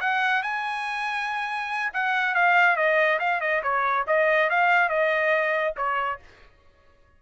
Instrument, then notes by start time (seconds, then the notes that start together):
trumpet
0.00 F#5
0.42 G#5
1.93 F#5
2.35 F5
2.76 D#5
3.19 F5
3.41 D#5
3.63 C#5
4.07 D#5
4.50 F5
4.89 D#5
5.77 C#5